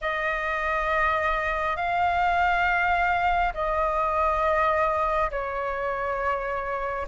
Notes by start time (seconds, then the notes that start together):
0.01 D#5
1.76 F5
3.53 D#5
5.31 C#5